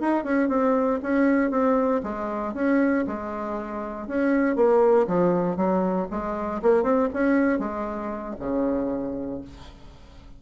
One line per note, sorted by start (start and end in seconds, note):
0.00 0.24 D#4
0.24 0.49 C#4
0.49 1.00 C4
1.03 1.50 C#4
1.50 2.01 C4
2.03 2.54 G#3
2.54 3.05 C#4
3.07 4.07 G#3
4.07 4.56 C#4
4.56 5.06 A#3
5.07 5.57 F3
5.57 6.07 F#3
6.11 6.61 G#3
6.62 6.83 A#3
6.83 7.08 C4
7.13 7.59 C#4
7.59 8.35 G#3
8.39 9.41 C#3